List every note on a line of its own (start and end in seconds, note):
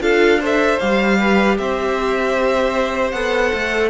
0.00 0.78 D4
0.00 0.40 F4
0.00 0.40 A4
0.00 0.41 F5
0.40 0.80 A4
0.40 1.18 C5
0.40 0.79 E5
0.79 1.59 G3
0.79 3.14 G4
0.79 1.57 F5
1.19 1.58 B4
1.58 3.13 C4
1.58 3.90 C5
1.58 3.11 E5
3.11 3.52 B3
3.11 3.90 A4
3.11 3.89 F#5
3.53 3.90 A3